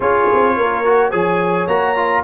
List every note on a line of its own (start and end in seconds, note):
0.00 0.27 C#4
0.00 0.84 F4
0.00 0.55 G#4
0.00 1.11 C#5
0.33 0.57 C4
0.56 1.13 A#3
0.56 1.10 A#4
0.84 1.11 F#4
1.10 1.67 F3
1.10 1.67 G#4
1.10 2.22 C#5
1.10 1.67 G#5
1.67 2.23 A#3
1.67 1.96 F#4
1.67 2.23 A#5
1.96 2.23 F4